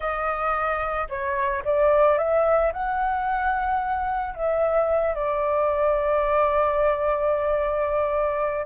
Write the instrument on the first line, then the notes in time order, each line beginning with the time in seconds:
flute
0.00 D#5
1.09 C#5
1.64 D5
2.18 E5
2.72 F#5
4.35 E5
5.14 D5